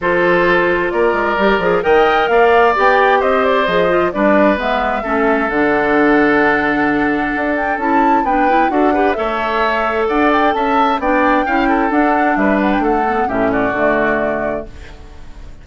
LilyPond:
<<
  \new Staff \with { instrumentName = "flute" } { \time 4/4 \tempo 4 = 131 c''2 d''2 | g''4 f''4 g''4 dis''8 d''8 | dis''4 d''4 e''2 | fis''1~ |
fis''8 g''8 a''4 g''4 fis''4 | e''2 fis''8 g''8 a''4 | g''2 fis''4 e''8 fis''16 g''16 | fis''4 e''8 d''2~ d''8 | }
  \new Staff \with { instrumentName = "oboe" } { \time 4/4 a'2 ais'2 | dis''4 d''2 c''4~ | c''4 b'2 a'4~ | a'1~ |
a'2 b'4 a'8 b'8 | cis''2 d''4 e''4 | d''4 f''8 a'4. b'4 | a'4 g'8 fis'2~ fis'8 | }
  \new Staff \with { instrumentName = "clarinet" } { \time 4/4 f'2. g'8 gis'8 | ais'2 g'2 | gis'8 f'8 d'4 b4 cis'4 | d'1~ |
d'4 e'4 d'8 e'8 fis'8 g'8 | a'1 | d'4 e'4 d'2~ | d'8 b8 cis'4 a2 | }
  \new Staff \with { instrumentName = "bassoon" } { \time 4/4 f2 ais8 gis8 g8 f8 | dis4 ais4 b4 c'4 | f4 g4 gis4 a4 | d1 |
d'4 cis'4 b4 d'4 | a2 d'4 cis'4 | b4 cis'4 d'4 g4 | a4 a,4 d2 | }
>>